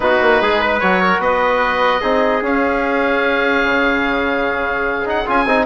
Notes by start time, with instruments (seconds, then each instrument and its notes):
0.00 bassoon B3, trombone D#4, trumpet F#4, oboe B4
0.21 bassoon A#3
0.41 bassoon G#3, trumpet G#4
0.61 trumpet B4
0.79 bassoon F#3, trombone F#4, oboe C#5
1.01 trumpet A#4
1.18 bassoon B3, trumpet B4, oboe D#5
2.01 bassoon C4, trombone D#4, trumpet G#4
2.42 bassoon C#4, trombone C#4, oboe F5
3.64 bassoon C#3
5.05 trombone D#4, oboe F#5
5.25 bassoon C#4, trombone F4, oboe G#5
5.45 bassoon C4, trombone D#4